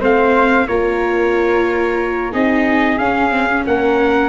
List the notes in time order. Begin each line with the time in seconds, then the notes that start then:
0.00 A3 C4 C5 F5
0.68 A#3 F4 A#4 C#5
2.32 C4 D#4 G#4 D#5
2.98 C#4 F5
3.31 C4
3.51 C#4
3.67 A#3 A#4 F#5